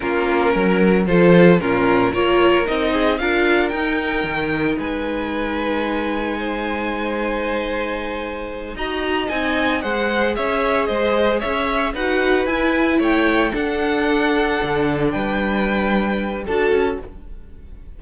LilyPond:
<<
  \new Staff \with { instrumentName = "violin" } { \time 4/4 \tempo 4 = 113 ais'2 c''4 ais'4 | cis''4 dis''4 f''4 g''4~ | g''4 gis''2.~ | gis''1~ |
gis''8 ais''4 gis''4 fis''4 e''8~ | e''8 dis''4 e''4 fis''4 gis''8~ | gis''8 g''4 fis''2~ fis''8~ | fis''8 g''2~ g''8 a''4 | }
  \new Staff \with { instrumentName = "violin" } { \time 4/4 f'4 ais'4 a'4 f'4 | ais'4. gis'8 ais'2~ | ais'4 b'2. | c''1~ |
c''8 dis''2 c''4 cis''8~ | cis''8 c''4 cis''4 b'4.~ | b'8 cis''4 a'2~ a'8~ | a'8 b'2~ b'8 a'4 | }
  \new Staff \with { instrumentName = "viola" } { \time 4/4 cis'2 f'4 cis'4 | f'4 dis'4 f'4 dis'4~ | dis'1~ | dis'1~ |
dis'8 fis'4 dis'4 gis'4.~ | gis'2~ gis'8 fis'4 e'8~ | e'4. d'2~ d'8~ | d'2. fis'4 | }
  \new Staff \with { instrumentName = "cello" } { \time 4/4 ais4 fis4 f4 ais,4 | ais4 c'4 d'4 dis'4 | dis4 gis2.~ | gis1~ |
gis8 dis'4 c'4 gis4 cis'8~ | cis'8 gis4 cis'4 dis'4 e'8~ | e'8 a4 d'2 d8~ | d8 g2~ g8 d'8 cis'8 | }
>>